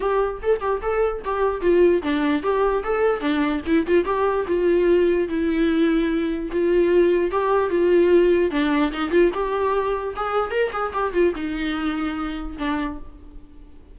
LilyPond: \new Staff \with { instrumentName = "viola" } { \time 4/4 \tempo 4 = 148 g'4 a'8 g'8 a'4 g'4 | f'4 d'4 g'4 a'4 | d'4 e'8 f'8 g'4 f'4~ | f'4 e'2. |
f'2 g'4 f'4~ | f'4 d'4 dis'8 f'8 g'4~ | g'4 gis'4 ais'8 gis'8 g'8 f'8 | dis'2. d'4 | }